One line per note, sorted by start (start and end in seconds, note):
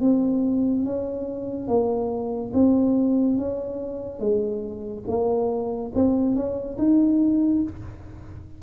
0.00 0.85 C4
0.85 1.67 C#4
1.67 2.52 A#3
2.54 3.38 C4
3.38 4.19 C#4
4.19 5.04 G#3
5.07 5.92 A#3
5.95 6.35 C4
6.35 6.78 C#4
6.78 7.62 D#4